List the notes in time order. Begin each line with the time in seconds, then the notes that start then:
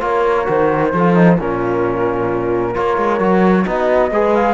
0.00 A#3 F4 A#4 C#5
0.45 D#3 F#4 C5
0.93 F3 F4 A4
1.15 D#4
1.39 A#2 C#4 F4 A#4
2.73 A#3 F4 A#4 C#5
2.98 G#3
3.20 F#3 F#4
3.66 B3 D#4 F#4 D#5
4.11 G#3 G#4 B4
4.35 F5